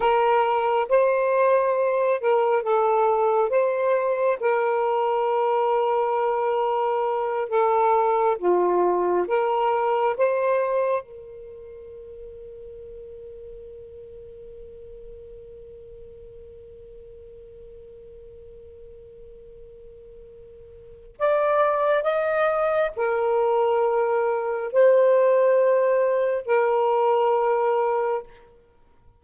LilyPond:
\new Staff \with { instrumentName = "saxophone" } { \time 4/4 \tempo 4 = 68 ais'4 c''4. ais'8 a'4 | c''4 ais'2.~ | ais'8 a'4 f'4 ais'4 c''8~ | c''8 ais'2.~ ais'8~ |
ais'1~ | ais'1 | d''4 dis''4 ais'2 | c''2 ais'2 | }